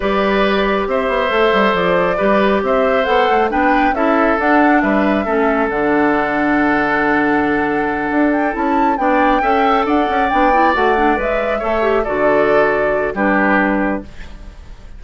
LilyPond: <<
  \new Staff \with { instrumentName = "flute" } { \time 4/4 \tempo 4 = 137 d''2 e''2 | d''2 e''4 fis''4 | g''4 e''4 fis''4 e''4~ | e''4 fis''2.~ |
fis''2. g''8 a''8~ | a''8 g''2 fis''4 g''8~ | g''8 fis''4 e''2 d''8~ | d''2 b'2 | }
  \new Staff \with { instrumentName = "oboe" } { \time 4/4 b'2 c''2~ | c''4 b'4 c''2 | b'4 a'2 b'4 | a'1~ |
a'1~ | a'8 d''4 e''4 d''4.~ | d''2~ d''8 cis''4 a'8~ | a'2 g'2 | }
  \new Staff \with { instrumentName = "clarinet" } { \time 4/4 g'2. a'4~ | a'4 g'2 a'4 | d'4 e'4 d'2 | cis'4 d'2.~ |
d'2.~ d'8 e'8~ | e'8 d'4 a'2 d'8 | e'8 fis'8 d'8 b'4 a'8 g'8 fis'8~ | fis'2 d'2 | }
  \new Staff \with { instrumentName = "bassoon" } { \time 4/4 g2 c'8 b8 a8 g8 | f4 g4 c'4 b8 a8 | b4 cis'4 d'4 g4 | a4 d2.~ |
d2~ d8 d'4 cis'8~ | cis'8 b4 cis'4 d'8 cis'8 b8~ | b8 a4 gis4 a4 d8~ | d2 g2 | }
>>